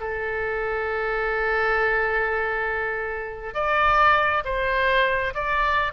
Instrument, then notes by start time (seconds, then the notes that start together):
oboe
0.00 A4
3.54 D5
4.44 C5
5.34 D5